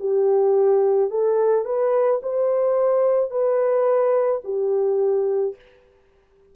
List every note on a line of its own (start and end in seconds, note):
0.00 1.11 G4
1.11 1.65 A4
1.65 2.21 B4
2.23 3.30 C5
3.30 4.41 B4
4.44 5.56 G4